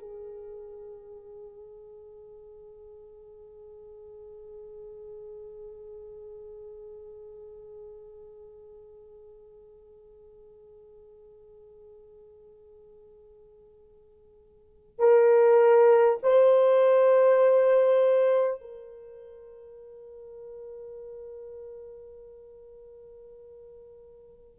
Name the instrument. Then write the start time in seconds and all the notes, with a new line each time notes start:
horn
0.00 G#4
14.99 A#4
16.23 C5
18.61 A#4